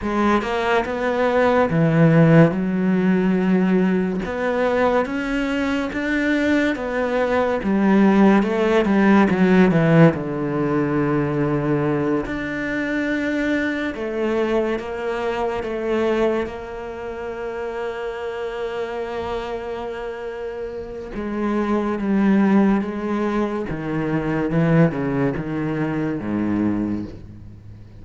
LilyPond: \new Staff \with { instrumentName = "cello" } { \time 4/4 \tempo 4 = 71 gis8 ais8 b4 e4 fis4~ | fis4 b4 cis'4 d'4 | b4 g4 a8 g8 fis8 e8 | d2~ d8 d'4.~ |
d'8 a4 ais4 a4 ais8~ | ais1~ | ais4 gis4 g4 gis4 | dis4 e8 cis8 dis4 gis,4 | }